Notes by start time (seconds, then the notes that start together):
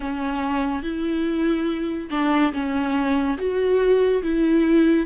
0.00 C#4
0.82 E4
2.10 D4
2.53 C#4
3.38 F#4
4.23 E4